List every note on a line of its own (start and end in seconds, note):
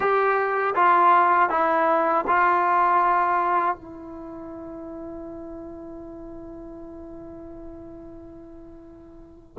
0.00 0.74 G4
0.75 1.49 F4
1.49 2.24 E4
2.27 3.75 F4
3.75 9.57 E4